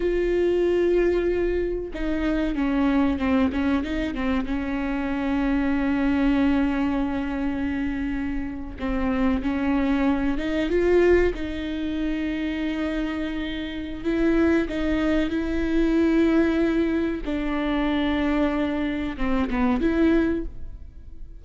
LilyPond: \new Staff \with { instrumentName = "viola" } { \time 4/4 \tempo 4 = 94 f'2. dis'4 | cis'4 c'8 cis'8 dis'8 c'8 cis'4~ | cis'1~ | cis'4.~ cis'16 c'4 cis'4~ cis'16~ |
cis'16 dis'8 f'4 dis'2~ dis'16~ | dis'2 e'4 dis'4 | e'2. d'4~ | d'2 c'8 b8 e'4 | }